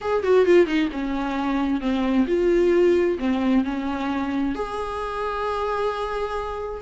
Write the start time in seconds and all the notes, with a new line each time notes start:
0.01 G#4
0.23 F#4
0.45 F4
0.66 D#4
0.92 C#4
1.80 C4
2.27 F4
3.19 C4
3.64 C#4
4.55 G#4